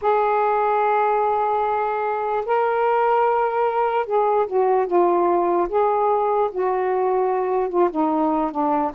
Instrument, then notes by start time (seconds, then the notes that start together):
saxophone
0.01 G#4
2.45 A#4
4.05 G#4
4.46 F#4
4.86 F4
5.68 G#4
6.51 F#4
7.69 F4
7.90 D#4
8.51 D4